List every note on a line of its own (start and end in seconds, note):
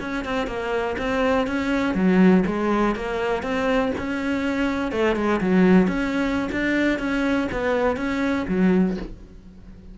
0.00 0.24 C#4
0.24 0.47 C4
0.47 0.96 A#3
0.98 1.47 C4
1.47 1.95 C#4
1.95 2.44 F#3
2.46 2.95 G#3
2.95 3.43 A#3
3.43 3.92 C4
3.98 4.92 C#4
4.92 5.15 A3
5.15 5.40 G#3
5.40 5.87 F#3
5.87 6.49 C#4
6.52 6.99 D4
6.99 7.48 C#4
7.52 7.96 B3
7.96 8.46 C#4
8.48 8.97 F#3